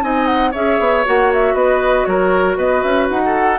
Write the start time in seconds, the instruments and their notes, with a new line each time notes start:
0.00 bassoon C4, clarinet D#4, oboe D#5, flute G#5
0.26 flute F#5
0.51 bassoon C#4, clarinet G#4, oboe C#5, flute E5
0.79 bassoon B3
1.05 bassoon A#3, clarinet F#4, flute F#5
1.33 flute E5
1.53 bassoon B3, oboe B4, flute D#5
2.04 bassoon F#3, oboe A#4, flute C#5
2.57 bassoon B3, oboe B4, flute D#5
2.82 bassoon C#4, flute E5
3.10 bassoon D#4, flute F#5
3.25 oboe A4